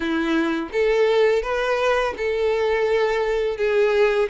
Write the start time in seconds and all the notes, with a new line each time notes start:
0.00 E4
0.72 A4
1.42 B4
2.17 A4
3.57 G#4